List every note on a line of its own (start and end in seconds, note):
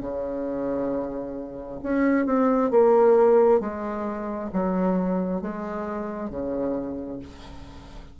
0.00 1.79 C#3
1.83 2.26 C#4
2.26 2.70 C4
2.70 3.60 A#3
3.60 4.49 G#3
4.53 5.41 F#3
5.41 6.30 G#3
6.30 7.19 C#3